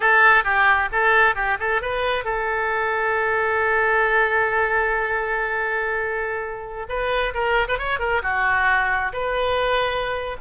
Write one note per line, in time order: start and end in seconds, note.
0.00 0.43 A4
0.43 0.89 G4
0.91 1.35 A4
1.35 1.57 G4
1.59 1.81 A4
1.81 2.24 B4
2.24 6.87 A4
6.88 7.33 B4
7.33 7.67 A#4
7.68 7.78 B4
7.78 7.99 C#5
7.99 8.21 A#4
8.22 9.12 F#4
9.12 10.36 B4